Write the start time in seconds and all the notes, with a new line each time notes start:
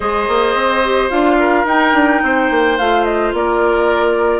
0.00 G#3 G#4 C5 D#5
0.28 A#3
0.54 C4
0.84 G4
1.09 D4 F4 F5
1.39 A#4
1.64 D#4 G5
1.93 D4
2.23 C4 C5
2.50 A#3
2.78 A3 F4 F5
3.03 D#5
3.33 A#3 A#4 D5